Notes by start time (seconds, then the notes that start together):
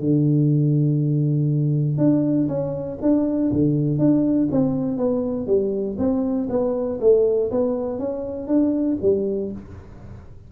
0.00 D3
1.98 D4
2.49 C#4
3.02 D4
3.52 D3
3.99 D4
4.52 C4
4.98 B3
5.47 G3
5.99 C4
6.50 B3
7.01 A3
7.51 B3
7.99 C#4
8.48 D4
9.02 G3